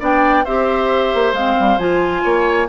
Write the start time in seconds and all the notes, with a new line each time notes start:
0.00 B3 D4 D5 G5
0.45 C4 G4 C5 E5
1.14 A#3
1.33 G#3 C4 F5
1.60 G3
1.78 F3 F4 G#5
2.23 A#3 C#5